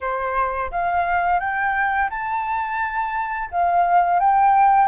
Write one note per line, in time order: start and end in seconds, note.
0.00 0.70 C5
0.71 1.40 F5
1.40 2.09 G5
2.10 3.49 A5
3.51 4.19 F5
4.19 4.87 G5